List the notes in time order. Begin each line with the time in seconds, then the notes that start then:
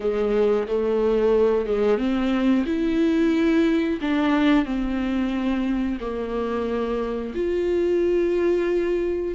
0.00 G#3
0.67 A3
1.65 G#3
1.98 C4
2.66 E4
4.01 D4
4.65 C4
6.00 A#3
7.34 F4